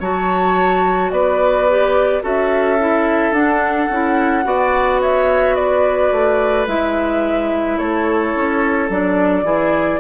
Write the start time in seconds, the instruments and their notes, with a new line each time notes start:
0.00 bassoon F#3, clarinet F#4, oboe C#5, flute A5
1.11 bassoon B3, oboe B4, flute D5
1.70 clarinet G4
2.22 bassoon C#4, clarinet F#4, oboe A4, flute E5
2.80 clarinet E4
3.31 bassoon D4, clarinet D4, flute F#5
3.90 bassoon C#4, clarinet E4
4.44 bassoon B3, clarinet F#4, oboe D5
5.01 oboe C#5, flute E5
5.55 oboe B4, flute D5
6.12 bassoon A3
6.67 bassoon G#3, clarinet E4, flute E5
7.78 bassoon A3, oboe A4, flute C#5
8.35 bassoon C#4
8.89 bassoon F#3, clarinet D4, flute D5
9.43 bassoon E3, clarinet E4, oboe G#4